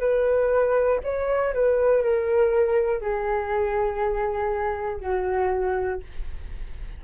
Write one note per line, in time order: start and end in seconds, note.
0.00 1.00 B4
1.04 1.54 C#5
1.54 2.03 B4
2.03 3.01 A#4
3.01 5.01 G#4
5.01 6.01 F#4